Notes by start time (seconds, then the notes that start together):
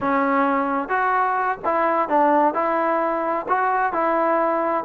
0.00 C#4
0.89 F#4
1.64 E4
2.09 D4
2.53 E4
3.48 F#4
3.93 E4